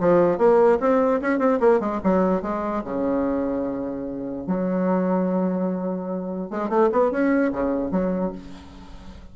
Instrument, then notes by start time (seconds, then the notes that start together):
bassoon
0.00 F3
0.38 A#3
0.80 C4
1.21 C#4
1.39 C4
1.60 A#3
1.80 G#3
2.04 F#3
2.42 G#3
2.84 C#3
4.47 F#3
6.51 G#3
6.69 A3
6.92 B3
7.11 C#4
7.52 C#3
7.91 F#3